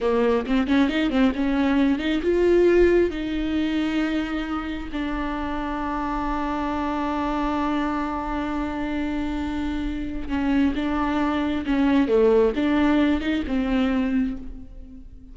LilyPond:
\new Staff \with { instrumentName = "viola" } { \time 4/4 \tempo 4 = 134 ais4 c'8 cis'8 dis'8 c'8 cis'4~ | cis'8 dis'8 f'2 dis'4~ | dis'2. d'4~ | d'1~ |
d'1~ | d'2. cis'4 | d'2 cis'4 a4 | d'4. dis'8 c'2 | }